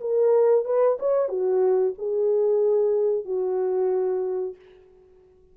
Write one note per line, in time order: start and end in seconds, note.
0.00 0.65 A#4
0.65 0.97 B4
0.99 1.28 C#5
1.28 1.94 F#4
1.98 3.24 G#4
3.24 4.55 F#4